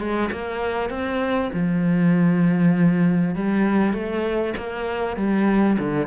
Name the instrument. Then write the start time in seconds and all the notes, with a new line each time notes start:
cello
0.00 G#3
0.32 A#3
0.90 C4
1.53 F3
3.36 G3
3.94 A3
4.58 A#3
5.17 G3
5.79 D3